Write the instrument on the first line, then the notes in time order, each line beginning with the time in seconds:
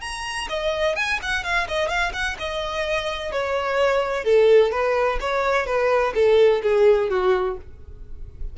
violin
0.00 A#5
0.49 D#5
0.95 G#5
1.22 F#5
1.43 F5
1.68 D#5
1.88 F5
2.12 F#5
2.38 D#5
3.31 C#5
4.24 A4
4.71 B4
5.20 C#5
5.66 B4
6.14 A4
6.62 G#4
7.09 F#4